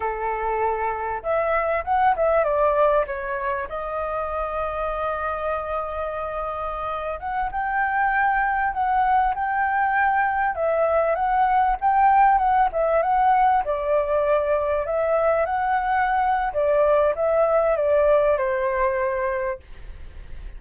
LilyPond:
\new Staff \with { instrumentName = "flute" } { \time 4/4 \tempo 4 = 98 a'2 e''4 fis''8 e''8 | d''4 cis''4 dis''2~ | dis''2.~ dis''8. fis''16~ | fis''16 g''2 fis''4 g''8.~ |
g''4~ g''16 e''4 fis''4 g''8.~ | g''16 fis''8 e''8 fis''4 d''4.~ d''16~ | d''16 e''4 fis''4.~ fis''16 d''4 | e''4 d''4 c''2 | }